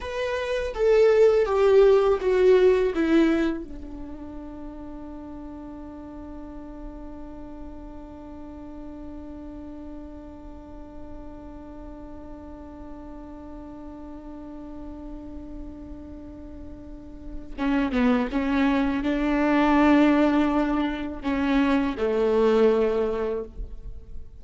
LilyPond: \new Staff \with { instrumentName = "viola" } { \time 4/4 \tempo 4 = 82 b'4 a'4 g'4 fis'4 | e'4 d'2.~ | d'1~ | d'1~ |
d'1~ | d'1 | cis'8 b8 cis'4 d'2~ | d'4 cis'4 a2 | }